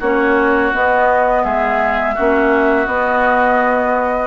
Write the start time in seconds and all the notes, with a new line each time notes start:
0.00 A#3 C#4 F#4 C#5
0.74 B3 D#5
1.44 G#3 G#4 E5
2.15 A#3 C#4 F#4
2.87 B3 D#5